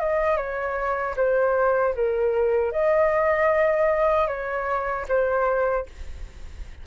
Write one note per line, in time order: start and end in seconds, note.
0.00 0.38 D#5
0.38 1.15 C#5
1.17 1.95 C5
1.95 2.72 A#4
2.72 4.28 D#5
4.28 5.06 C#5
5.09 5.87 C5